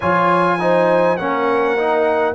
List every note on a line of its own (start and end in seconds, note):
0.00 1.19 F3
0.00 0.59 F4
0.00 0.56 C#5
0.00 1.16 G#5
0.59 1.18 D#4
0.59 1.17 C5
1.16 2.34 A#3
1.16 1.77 C#4
1.16 2.34 A#4
1.16 2.34 F#5
1.77 2.34 D#4